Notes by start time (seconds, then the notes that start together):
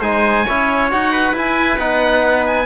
0.00 G#3 D#4 C5 G#5
0.45 C#4 E4 C#5
0.90 D#4 F#4 F#5
1.12 B4
1.33 E4 G#5
1.78 B3 D#4 F#5
2.46 G#5